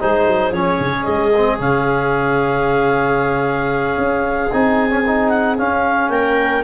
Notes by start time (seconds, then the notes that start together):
0.00 G#3 D#4 G#4 C5
0.27 F#3
0.51 F3 C#4 C#5
0.79 C#3
1.03 G#3 D#5
1.37 C4
1.58 C#3 C#4 F5
3.97 C#4
4.51 C4 D#4 G#5
4.90 C#4
5.06 D#4
5.29 F#5
5.57 C#4 F5
6.09 A#3 A#4 G5